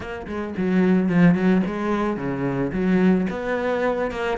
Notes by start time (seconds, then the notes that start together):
0.00 A#3
0.27 G#3
0.57 F#3
1.09 F3
1.34 F#3
1.66 G#3
2.16 C#3
2.72 F#3
3.30 B3
4.11 A#3